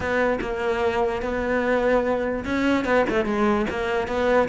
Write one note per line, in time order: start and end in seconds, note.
0.00 0.39 B3
0.40 1.22 A#3
1.22 2.44 B3
2.45 2.84 C#4
2.84 3.05 B3
3.09 3.25 A3
3.25 3.65 G#3
3.70 4.07 A#3
4.07 4.48 B3